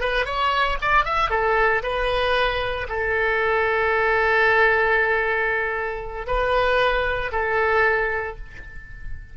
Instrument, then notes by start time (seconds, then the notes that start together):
oboe
0.00 B4
0.25 C#5
0.81 D5
1.05 E5
1.30 A4
1.83 B4
2.89 A4
6.27 B4
7.32 A4